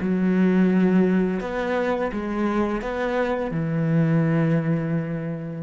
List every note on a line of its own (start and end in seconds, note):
0.00 1.40 F#3
1.40 2.11 B3
2.12 2.81 G#3
2.81 3.51 B3
3.51 5.62 E3